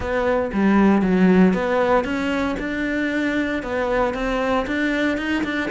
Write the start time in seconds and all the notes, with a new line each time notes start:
0.00 B3
0.53 G3
1.02 F#3
1.53 B3
2.04 C#4
2.59 D4
3.62 B3
4.14 C4
4.66 D4
5.17 D#4
5.43 D4